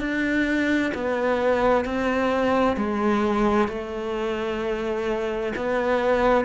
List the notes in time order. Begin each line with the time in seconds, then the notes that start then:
0.00 D4
0.94 B3
1.85 C4
2.77 G#3
3.68 A3
5.56 B3